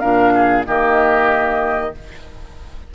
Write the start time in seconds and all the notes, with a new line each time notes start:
0.00 A#2 D4 A#4 F5
0.35 G#4
0.65 D#3 A#3 G4 D#5